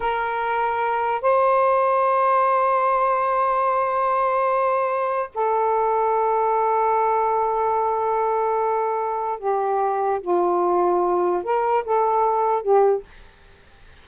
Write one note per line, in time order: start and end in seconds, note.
0.00 1.21 A#4
1.21 5.29 C5
5.34 9.39 A4
9.39 10.20 G4
10.21 11.43 F4
11.43 11.84 A#4
11.85 12.62 A4
12.62 13.03 G4